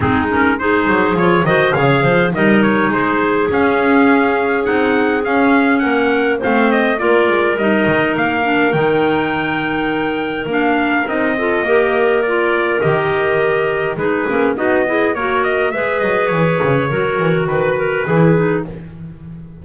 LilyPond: <<
  \new Staff \with { instrumentName = "trumpet" } { \time 4/4 \tempo 4 = 103 gis'8 ais'8 c''4 cis''8 dis''8 f''4 | dis''8 cis''8 c''4 f''2 | fis''4 f''4 fis''4 f''8 dis''8 | d''4 dis''4 f''4 g''4~ |
g''2 f''4 dis''4~ | dis''4 d''4 dis''2 | b'4 dis''4 cis''8 dis''8 e''8 dis''8 | cis''2 b'2 | }
  \new Staff \with { instrumentName = "clarinet" } { \time 4/4 dis'4 gis'4. c''8 cis''8 c''8 | ais'4 gis'2.~ | gis'2 ais'4 c''4 | ais'1~ |
ais'2.~ ais'8 a'8 | ais'1 | gis'4 fis'8 gis'8 ais'4 b'4~ | b'4 ais'4 b'8 ais'8 gis'4 | }
  \new Staff \with { instrumentName = "clarinet" } { \time 4/4 c'8 cis'8 dis'4 f'8 fis'8 gis'4 | dis'2 cis'2 | dis'4 cis'2 c'4 | f'4 dis'4. d'8 dis'4~ |
dis'2 d'4 dis'8 f'8 | g'4 f'4 g'2 | dis'8 cis'8 dis'8 e'8 fis'4 gis'4~ | gis'4 fis'2 e'8 dis'8 | }
  \new Staff \with { instrumentName = "double bass" } { \time 4/4 gis4. fis8 f8 dis8 cis8 f8 | g4 gis4 cis'2 | c'4 cis'4 ais4 a4 | ais8 gis8 g8 dis8 ais4 dis4~ |
dis2 ais4 c'4 | ais2 dis2 | gis8 ais8 b4 ais4 gis8 fis8 | e8 cis8 fis8 e8 dis4 e4 | }
>>